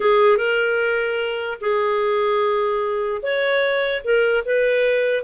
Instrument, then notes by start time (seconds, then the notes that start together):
clarinet
0.00 G#4
0.37 A#4
1.60 G#4
3.22 C#5
4.04 A#4
4.45 B4